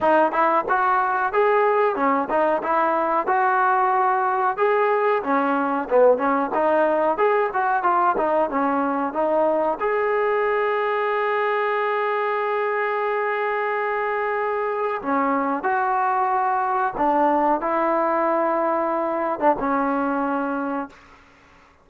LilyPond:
\new Staff \with { instrumentName = "trombone" } { \time 4/4 \tempo 4 = 92 dis'8 e'8 fis'4 gis'4 cis'8 dis'8 | e'4 fis'2 gis'4 | cis'4 b8 cis'8 dis'4 gis'8 fis'8 | f'8 dis'8 cis'4 dis'4 gis'4~ |
gis'1~ | gis'2. cis'4 | fis'2 d'4 e'4~ | e'4.~ e'16 d'16 cis'2 | }